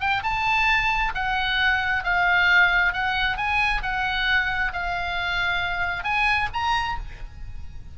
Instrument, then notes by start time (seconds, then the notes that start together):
oboe
0.00 G5
0.23 A5
1.15 F#5
2.04 F5
2.93 F#5
3.37 G#5
3.83 F#5
4.73 F5
6.04 G#5
6.54 A#5